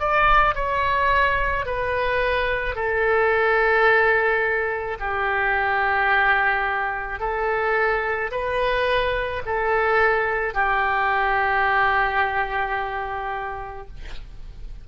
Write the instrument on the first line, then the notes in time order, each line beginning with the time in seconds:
oboe
0.00 D5
0.55 C#5
1.66 B4
2.76 A4
5.00 G4
7.20 A4
8.32 B4
9.46 A4
10.55 G4